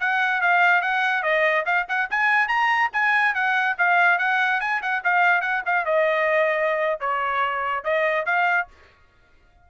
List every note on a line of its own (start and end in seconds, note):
0.00 0.41 F#5
0.41 0.81 F5
0.81 1.23 F#5
1.23 1.65 D#5
1.66 1.87 F5
1.88 2.09 F#5
2.10 2.48 G#5
2.48 2.90 A#5
2.93 3.35 G#5
3.35 3.76 F#5
3.78 4.18 F5
4.18 4.60 F#5
4.60 4.81 G#5
4.82 5.03 F#5
5.04 5.41 F5
5.41 5.62 F#5
5.66 5.85 F5
5.85 7.00 D#5
7.00 7.84 C#5
7.84 8.26 D#5
8.26 8.68 F5